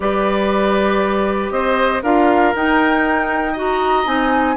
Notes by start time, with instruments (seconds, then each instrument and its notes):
0.00 bassoon G3, clarinet G4, oboe B4, flute D5
1.50 bassoon C4, oboe C5, flute D#5
2.02 bassoon D4, clarinet F4, oboe A#4, flute F5
2.54 clarinet D#4, bassoon D#4, flute G5
3.52 clarinet F#4, oboe D#5
3.59 flute A#5
4.05 bassoon C4, clarinet D#4, flute G#5